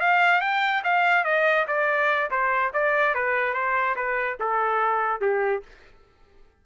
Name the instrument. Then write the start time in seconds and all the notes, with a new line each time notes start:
trumpet
0.00 F5
0.41 G5
0.84 F5
1.24 D#5
1.68 D5
2.30 C5
2.73 D5
3.15 B4
3.54 C5
3.96 B4
4.40 A4
5.21 G4